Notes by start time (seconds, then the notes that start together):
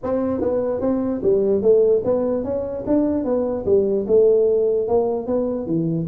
0.03 C4
0.41 B3
0.81 C4
1.23 G3
1.62 A3
2.04 B3
2.43 C#4
2.87 D4
3.24 B3
3.65 G3
4.07 A3
4.88 A#3
5.26 B3
5.66 E3